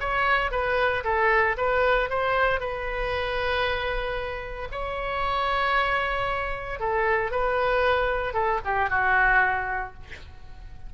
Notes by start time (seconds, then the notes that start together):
0.00 C#5
0.51 B4
1.04 A4
1.57 B4
2.10 C5
2.60 B4
4.72 C#5
6.80 A4
7.31 B4
8.34 A4
8.65 G4
8.90 F#4